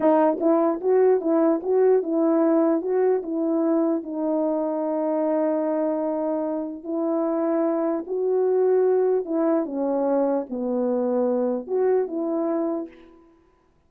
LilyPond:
\new Staff \with { instrumentName = "horn" } { \time 4/4 \tempo 4 = 149 dis'4 e'4 fis'4 e'4 | fis'4 e'2 fis'4 | e'2 dis'2~ | dis'1~ |
dis'4 e'2. | fis'2. e'4 | cis'2 b2~ | b4 fis'4 e'2 | }